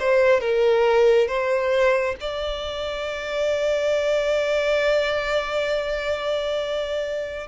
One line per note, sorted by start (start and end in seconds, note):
0.00 0.41 C5
0.41 1.28 A#4
1.28 2.16 C5
2.21 7.48 D5